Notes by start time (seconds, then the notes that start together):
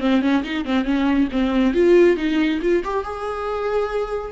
0.00 C4
0.21 C#4
0.43 D#4
0.65 C4
0.84 C#4
1.32 C4
1.74 F4
2.16 D#4
2.62 F4
2.84 G4
3.04 G#4